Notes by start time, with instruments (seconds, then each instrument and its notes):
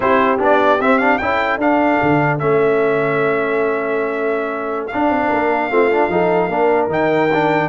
0.00 tuba C4, trombone E4, horn G4, trumpet C5
0.38 tuba B3, trombone D4, trumpet D5
0.79 tuba C4, trombone C4, trumpet E5
0.98 trombone D4, trumpet F5
1.18 tuba C#4, trombone E4, horn A4, trumpet G5
1.57 tuba D4, trombone D4, trumpet F5
2.02 tuba D3
2.39 tuba A3, trombone C#4, trumpet E5
4.87 trumpet F5
4.94 trombone D4, tuba D4
5.09 tuba C4
5.27 tuba A#3, horn A#4
5.70 tuba A3, trombone C4, horn F4
5.90 trombone D4
6.09 tuba F3, trombone D#4, horn A4
6.47 tuba A#3, trombone D4, horn A#4
6.87 tuba D#3, trombone D#4, trumpet G5
7.33 trombone D4